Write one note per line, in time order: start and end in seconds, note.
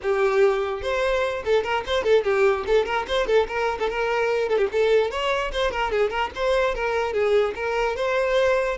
0.02 0.82 G4
0.82 1.43 C5
1.45 1.63 A4
1.63 1.84 A#4
1.86 2.03 C5
2.03 2.24 A4
2.24 2.64 G4
2.66 2.85 A4
2.85 3.06 A#4
3.07 3.27 C5
3.27 3.47 A4
3.47 3.78 A#4
3.79 3.89 A4
3.89 4.48 A#4
4.48 4.57 A4
4.57 4.67 G4
4.72 5.10 A4
5.10 5.51 C#5
5.52 5.71 C5
5.71 5.91 A#4
5.91 6.10 G#4
6.10 6.30 A#4
6.35 6.75 C5
6.75 7.13 A#4
7.13 7.54 G#4
7.55 7.96 A#4
7.96 8.77 C5